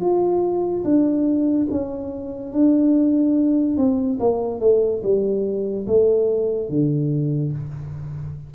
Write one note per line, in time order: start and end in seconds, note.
0.00 0.83 F4
0.84 1.67 D4
1.70 2.52 C#4
2.52 3.77 D4
3.77 4.19 C4
4.19 4.60 A#3
4.60 5.02 A3
5.03 5.86 G3
5.86 6.69 A3
6.69 7.52 D3